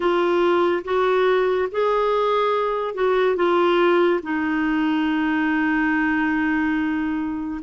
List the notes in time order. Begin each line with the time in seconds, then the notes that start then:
0.00 F4
0.84 F#4
1.71 G#4
2.94 F#4
3.36 F4
4.23 D#4